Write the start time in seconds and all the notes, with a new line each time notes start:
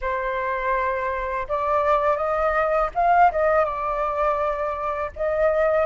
0.01 C5
1.48 D5
2.17 D#5
2.94 F5
3.31 D#5
3.64 D5
5.16 D#5